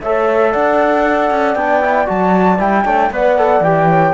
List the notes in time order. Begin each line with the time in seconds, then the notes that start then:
0.00 A3 A4 C#5 E5
0.52 D4 D5 F#5
1.30 C#4
1.55 B3 D4 G5
1.80 E4
2.05 F#3 F#4 A5
2.58 G3 E4 G5
2.84 A3 D4 C#5
3.10 B3 B4 D5 F#5
3.37 A4
3.60 E3 G4 G5
3.90 C#5